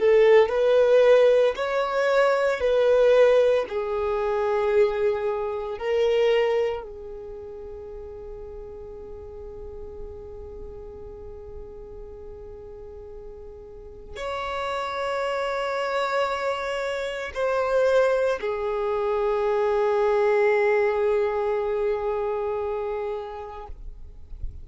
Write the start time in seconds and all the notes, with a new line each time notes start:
0.00 A4
0.49 B4
1.56 C#5
2.61 B4
3.69 G#4
5.78 A#4
6.83 G#4
14.16 C#5
17.34 C5
18.41 G#4